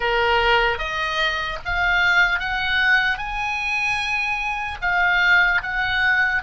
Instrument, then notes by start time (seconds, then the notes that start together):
oboe
0.00 A#4
0.78 D#5
1.65 F5
2.39 F#5
3.18 G#5
4.81 F5
5.62 F#5